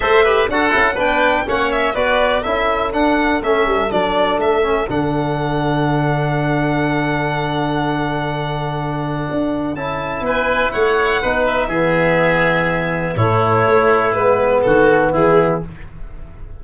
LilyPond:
<<
  \new Staff \with { instrumentName = "violin" } { \time 4/4 \tempo 4 = 123 e''4 fis''4 g''4 fis''8 e''8 | d''4 e''4 fis''4 e''4 | d''4 e''4 fis''2~ | fis''1~ |
fis''1 | a''4 gis''4 fis''4. e''8~ | e''2. cis''4~ | cis''4 b'4 a'4 gis'4 | }
  \new Staff \with { instrumentName = "oboe" } { \time 4/4 c''8 b'8 a'4 b'4 cis''4 | b'4 a'2.~ | a'1~ | a'1~ |
a'1~ | a'4 b'4 cis''4 b'4 | gis'2. e'4~ | e'2 fis'4 e'4 | }
  \new Staff \with { instrumentName = "trombone" } { \time 4/4 a'8 g'8 fis'8 e'8 d'4 cis'4 | fis'4 e'4 d'4 cis'4 | d'4. cis'8 d'2~ | d'1~ |
d'1 | e'2. dis'4 | b2. a4~ | a4 b2. | }
  \new Staff \with { instrumentName = "tuba" } { \time 4/4 a4 d'8 cis'8 b4 ais4 | b4 cis'4 d'4 a8 g8 | fis4 a4 d2~ | d1~ |
d2. d'4 | cis'4 b4 a4 b4 | e2. a,4 | a4 gis4 dis4 e4 | }
>>